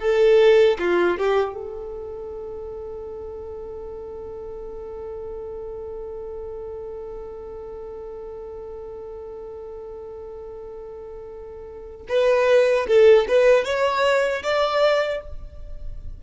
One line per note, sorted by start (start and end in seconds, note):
0.00 0.78 A4
0.79 1.18 F4
1.18 1.54 G4
1.54 12.06 A4
12.09 12.87 B4
12.87 13.26 A4
13.28 13.65 B4
13.65 14.43 C#5
14.43 15.21 D5